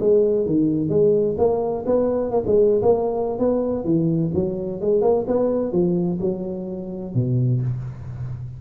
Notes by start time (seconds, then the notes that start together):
0.00 G#3
0.46 D#3
0.89 G#3
1.38 A#3
1.86 B3
2.31 A#3
2.46 G#3
2.82 A#3
3.39 B3
3.85 E3
4.34 F#3
4.81 G#3
5.02 A#3
5.27 B3
5.72 F3
6.21 F#3
7.14 B2